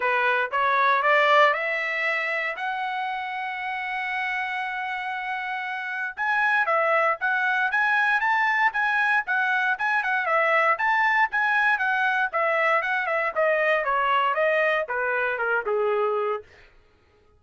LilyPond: \new Staff \with { instrumentName = "trumpet" } { \time 4/4 \tempo 4 = 117 b'4 cis''4 d''4 e''4~ | e''4 fis''2.~ | fis''1 | gis''4 e''4 fis''4 gis''4 |
a''4 gis''4 fis''4 gis''8 fis''8 | e''4 a''4 gis''4 fis''4 | e''4 fis''8 e''8 dis''4 cis''4 | dis''4 b'4 ais'8 gis'4. | }